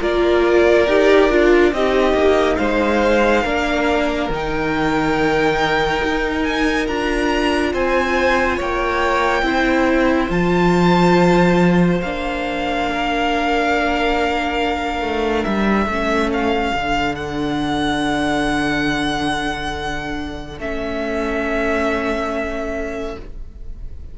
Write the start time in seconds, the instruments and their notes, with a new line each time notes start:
0.00 cello A#3, viola F4, violin A#4 D5
0.87 cello D#4, viola G4
1.30 cello D4, viola F4
1.72 cello C4, viola D#4, violin G4 D#5
2.13 cello A#3
2.57 cello G#3, violin C5 F5
3.43 cello A#3, viola D4, violin A#4
4.29 cello D#3, viola D#4, violin G5
6.03 cello D#4
6.44 violin G#5
6.87 cello D4, viola F4, violin A#5
7.73 cello C4, violin C5 G#5
8.56 cello A#3, violin C#5 G5
9.43 cello C4, viola E4, violin C5
10.29 cello F3, viola F4, violin A5
12.01 cello A#3, viola D4, violin F5
12.91 violin A#4
15.01 cello A3
15.44 cello G3, violin E5
15.86 cello A3, viola C#4, violin A4
16.33 violin F5
16.74 cello D3, viola D4
17.15 violin F#5
20.59 cello A3, viola C#4, violin E5